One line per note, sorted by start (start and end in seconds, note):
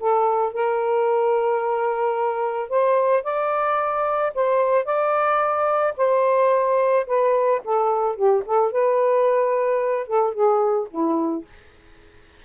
0.00 0.53 A4
0.53 2.70 A#4
2.70 3.24 C5
3.24 4.33 D5
4.35 4.85 C5
4.85 5.94 D5
5.97 7.06 C5
7.07 7.61 B4
7.64 8.16 A4
8.16 8.43 G4
8.46 8.72 A4
8.72 10.07 B4
10.07 10.34 A4
10.34 10.88 G#4
10.91 11.45 E4